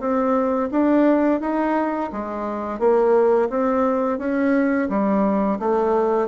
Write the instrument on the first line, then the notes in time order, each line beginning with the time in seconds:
bassoon
0.00 C4
0.72 D4
1.40 D#4
2.13 G#3
2.79 A#3
3.50 C4
4.19 C#4
4.90 G3
5.60 A3